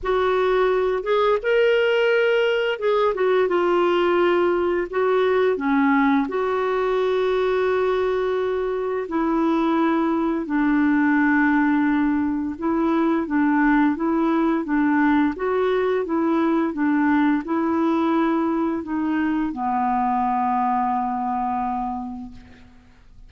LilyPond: \new Staff \with { instrumentName = "clarinet" } { \time 4/4 \tempo 4 = 86 fis'4. gis'8 ais'2 | gis'8 fis'8 f'2 fis'4 | cis'4 fis'2.~ | fis'4 e'2 d'4~ |
d'2 e'4 d'4 | e'4 d'4 fis'4 e'4 | d'4 e'2 dis'4 | b1 | }